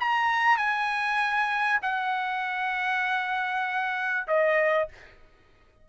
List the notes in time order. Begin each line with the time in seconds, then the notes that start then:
0.00 A#5
0.57 G#5
1.82 F#5
4.27 D#5